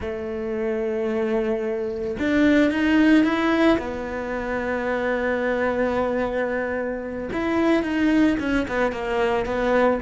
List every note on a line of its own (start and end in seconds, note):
0.00 2.17 A3
2.19 2.70 D4
2.70 3.24 D#4
3.24 3.78 E4
3.78 7.29 B3
7.32 7.82 E4
7.82 8.36 D#4
8.39 8.66 C#4
8.68 8.92 B3
8.92 9.45 A#3
9.45 9.99 B3